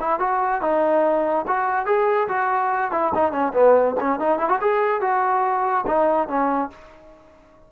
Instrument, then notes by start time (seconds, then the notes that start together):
trombone
0.00 E4
0.19 F#4
0.62 D#4
1.48 F#4
1.86 G#4
2.28 F#4
2.92 E4
3.15 D#4
3.32 C#4
3.53 B3
4.00 C#4
4.19 D#4
4.39 E4
4.49 F#4
4.61 G#4
5.01 F#4
5.87 D#4
6.28 C#4